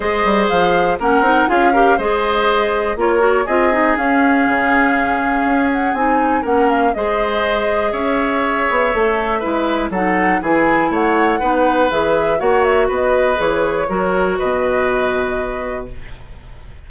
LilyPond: <<
  \new Staff \with { instrumentName = "flute" } { \time 4/4 \tempo 4 = 121 dis''4 f''4 fis''4 f''4 | dis''2 cis''4 dis''4 | f''2.~ f''8 fis''8 | gis''4 fis''8 f''8 dis''2 |
e''1 | fis''4 gis''4 fis''2 | e''4 fis''8 e''8 dis''4 cis''4~ | cis''4 dis''2. | }
  \new Staff \with { instrumentName = "oboe" } { \time 4/4 c''2 ais'4 gis'8 ais'8 | c''2 ais'4 gis'4~ | gis'1~ | gis'4 ais'4 c''2 |
cis''2. b'4 | a'4 gis'4 cis''4 b'4~ | b'4 cis''4 b'2 | ais'4 b'2. | }
  \new Staff \with { instrumentName = "clarinet" } { \time 4/4 gis'2 cis'8 dis'8 f'8 g'8 | gis'2 f'8 fis'8 f'8 dis'8 | cis'1 | dis'4 cis'4 gis'2~ |
gis'2 a'4 e'4 | dis'4 e'2 dis'4 | gis'4 fis'2 gis'4 | fis'1 | }
  \new Staff \with { instrumentName = "bassoon" } { \time 4/4 gis8 g8 f4 ais8 c'8 cis'4 | gis2 ais4 c'4 | cis'4 cis2 cis'4 | c'4 ais4 gis2 |
cis'4. b8 a4 gis4 | fis4 e4 a4 b4 | e4 ais4 b4 e4 | fis4 b,2. | }
>>